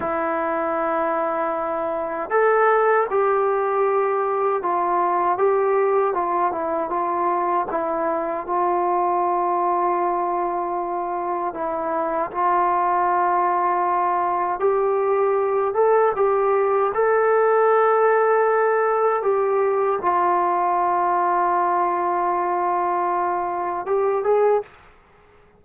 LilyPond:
\new Staff \with { instrumentName = "trombone" } { \time 4/4 \tempo 4 = 78 e'2. a'4 | g'2 f'4 g'4 | f'8 e'8 f'4 e'4 f'4~ | f'2. e'4 |
f'2. g'4~ | g'8 a'8 g'4 a'2~ | a'4 g'4 f'2~ | f'2. g'8 gis'8 | }